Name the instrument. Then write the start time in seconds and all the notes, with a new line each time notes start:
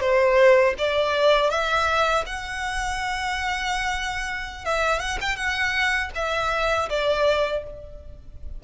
violin
0.00 C5
0.78 D5
1.50 E5
2.26 F#5
4.65 E5
4.99 F#5
5.21 G5
5.36 F#5
6.15 E5
6.89 D5